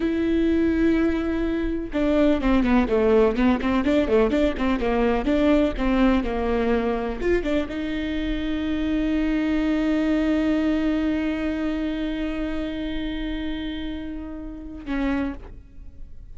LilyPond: \new Staff \with { instrumentName = "viola" } { \time 4/4 \tempo 4 = 125 e'1 | d'4 c'8 b8 a4 b8 c'8 | d'8 a8 d'8 c'8 ais4 d'4 | c'4 ais2 f'8 d'8 |
dis'1~ | dis'1~ | dis'1~ | dis'2. cis'4 | }